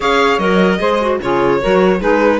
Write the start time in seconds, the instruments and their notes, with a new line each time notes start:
0.00 cello C#4, clarinet G#4, saxophone C#5, violin F5
0.38 cello F#3, clarinet A#4, violin D#5
0.79 cello G#3, clarinet G#4, saxophone C5
1.00 clarinet F#4
1.21 cello C#3, clarinet F4, saxophone G#4, violin C#5
1.61 cello F#3, clarinet F#4, saxophone A#4
1.99 cello G#3, clarinet D#4, saxophone G#4, violin B4